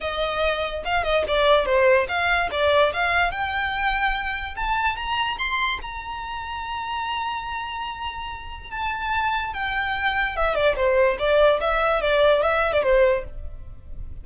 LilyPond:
\new Staff \with { instrumentName = "violin" } { \time 4/4 \tempo 4 = 145 dis''2 f''8 dis''8 d''4 | c''4 f''4 d''4 f''4 | g''2. a''4 | ais''4 c'''4 ais''2~ |
ais''1~ | ais''4 a''2 g''4~ | g''4 e''8 d''8 c''4 d''4 | e''4 d''4 e''8. d''16 c''4 | }